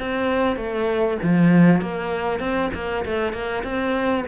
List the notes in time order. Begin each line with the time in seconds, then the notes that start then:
0.00 C4
0.57 A3
1.23 F3
1.82 A#3
2.40 C4
2.74 A#3
3.06 A3
3.33 A#3
3.64 C4